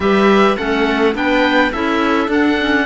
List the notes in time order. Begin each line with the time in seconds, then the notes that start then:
0.00 G3 G4 B4 E5
0.56 A3 C#4 A4 F#5
1.13 B3 D4 B4 G5
1.72 C#4 E4 A4 E5
2.28 D4 F#5
2.60 C#4